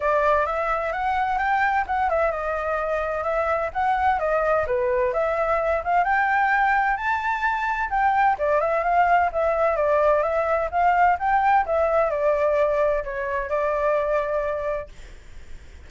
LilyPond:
\new Staff \with { instrumentName = "flute" } { \time 4/4 \tempo 4 = 129 d''4 e''4 fis''4 g''4 | fis''8 e''8 dis''2 e''4 | fis''4 dis''4 b'4 e''4~ | e''8 f''8 g''2 a''4~ |
a''4 g''4 d''8 e''8 f''4 | e''4 d''4 e''4 f''4 | g''4 e''4 d''2 | cis''4 d''2. | }